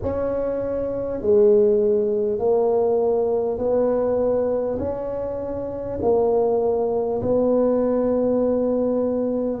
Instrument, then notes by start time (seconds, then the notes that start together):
tuba
0.02 C#4
1.21 G#3
2.38 A#3
3.58 B3
4.78 C#4
6.01 A#3
7.22 B3